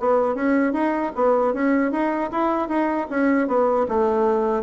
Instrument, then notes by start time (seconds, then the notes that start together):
bassoon
0.00 B3
0.35 C#4
0.73 D#4
1.15 B3
1.54 C#4
1.92 D#4
2.31 E4
2.69 D#4
3.10 C#4
3.48 B3
3.89 A3